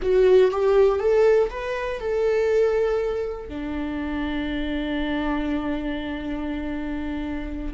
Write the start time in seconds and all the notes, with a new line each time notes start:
0.02 F#4
0.51 G4
0.99 A4
1.50 B4
2.00 A4
3.48 D4